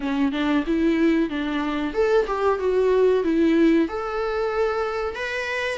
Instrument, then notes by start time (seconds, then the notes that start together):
viola
0.00 C#4
0.32 D4
0.67 E4
1.29 D4
1.93 A4
2.26 G4
2.59 F#4
3.23 E4
3.88 A4
5.15 B4